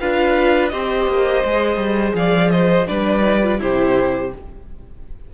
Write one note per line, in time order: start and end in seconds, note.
0.00 0.72 D4
0.00 0.71 F4
0.00 0.72 B4
0.00 0.68 F5
0.68 1.07 C4
0.68 1.43 G4
0.68 2.16 C5
0.68 2.13 D#5
1.07 1.43 A#3
1.44 1.76 G#3
1.44 2.87 G#4
1.76 2.12 G3
2.14 2.86 F3
2.14 2.52 D5
2.14 2.50 F5
2.50 2.88 C5
2.50 2.86 D#5
2.87 3.59 G3
2.87 3.20 D4
2.87 3.60 B4
2.87 3.59 D5
3.20 3.38 D#4
3.43 3.58 F4
3.58 4.32 C3
3.58 4.30 E4
3.58 4.33 G4
3.58 4.34 C5